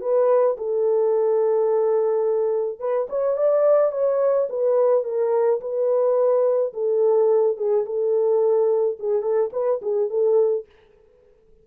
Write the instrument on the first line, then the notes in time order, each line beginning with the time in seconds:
horn
0.00 B4
0.57 A4
2.79 B4
3.09 C#5
3.37 D5
3.92 C#5
4.49 B4
5.04 A#4
5.60 B4
6.73 A4
7.57 G#4
7.85 A4
8.99 G#4
9.22 A4
9.52 B4
9.82 G#4
10.09 A4